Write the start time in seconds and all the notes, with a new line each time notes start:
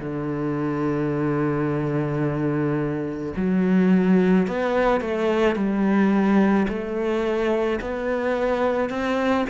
0.00 D3
3.37 F#3
4.48 B3
5.02 A3
5.56 G3
6.69 A3
7.81 B3
8.90 C4